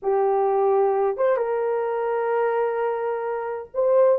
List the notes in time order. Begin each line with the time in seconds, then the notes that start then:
0.02 G4
1.17 C5
1.36 A#4
3.74 C5